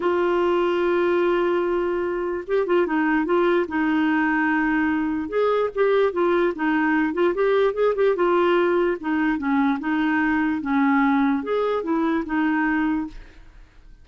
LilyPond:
\new Staff \with { instrumentName = "clarinet" } { \time 4/4 \tempo 4 = 147 f'1~ | f'2 g'8 f'8 dis'4 | f'4 dis'2.~ | dis'4 gis'4 g'4 f'4 |
dis'4. f'8 g'4 gis'8 g'8 | f'2 dis'4 cis'4 | dis'2 cis'2 | gis'4 e'4 dis'2 | }